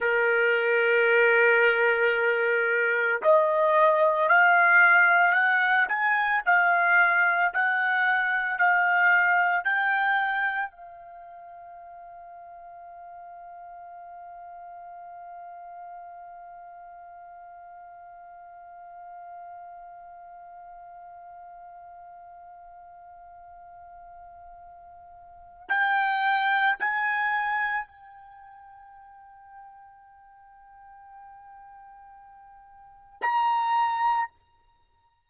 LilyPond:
\new Staff \with { instrumentName = "trumpet" } { \time 4/4 \tempo 4 = 56 ais'2. dis''4 | f''4 fis''8 gis''8 f''4 fis''4 | f''4 g''4 f''2~ | f''1~ |
f''1~ | f''1 | g''4 gis''4 g''2~ | g''2. ais''4 | }